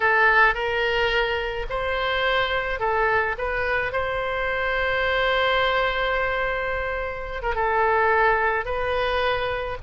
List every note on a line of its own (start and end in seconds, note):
0.00 0.54 A4
0.54 1.66 A#4
1.69 2.79 C5
2.79 3.35 A4
3.37 3.92 B4
3.92 7.42 C5
7.42 7.55 A#4
7.55 8.65 A4
8.65 9.77 B4